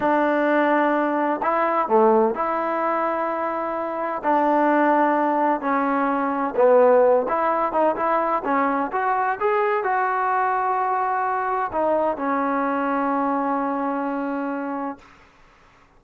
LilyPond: \new Staff \with { instrumentName = "trombone" } { \time 4/4 \tempo 4 = 128 d'2. e'4 | a4 e'2.~ | e'4 d'2. | cis'2 b4. e'8~ |
e'8 dis'8 e'4 cis'4 fis'4 | gis'4 fis'2.~ | fis'4 dis'4 cis'2~ | cis'1 | }